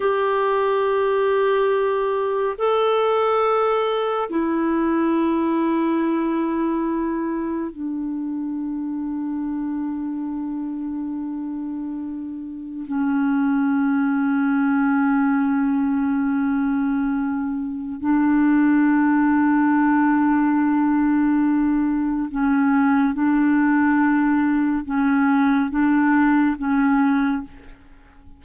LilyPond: \new Staff \with { instrumentName = "clarinet" } { \time 4/4 \tempo 4 = 70 g'2. a'4~ | a'4 e'2.~ | e'4 d'2.~ | d'2. cis'4~ |
cis'1~ | cis'4 d'2.~ | d'2 cis'4 d'4~ | d'4 cis'4 d'4 cis'4 | }